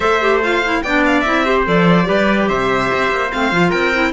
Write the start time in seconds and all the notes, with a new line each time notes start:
0.00 A3 A4 C5 E5
0.21 G4
0.42 F4 F5
0.64 E4
0.82 B3 D4 D5 G5
1.06 F5
1.20 C4 E4 E5
1.45 G4 C5
1.66 F3 A4 D5
2.04 G3 G4 B4
2.48 C3 C5 E5
2.92 C4
3.10 A#3
3.32 A3 C4 F5
3.51 F3 F4
3.69 C4 A#4 G5
3.93 E4